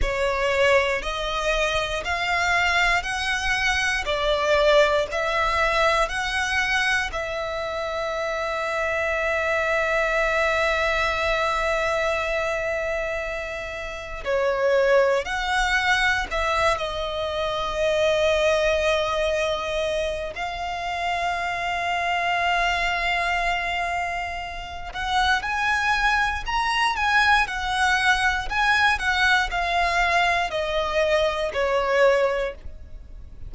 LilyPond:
\new Staff \with { instrumentName = "violin" } { \time 4/4 \tempo 4 = 59 cis''4 dis''4 f''4 fis''4 | d''4 e''4 fis''4 e''4~ | e''1~ | e''2 cis''4 fis''4 |
e''8 dis''2.~ dis''8 | f''1~ | f''8 fis''8 gis''4 ais''8 gis''8 fis''4 | gis''8 fis''8 f''4 dis''4 cis''4 | }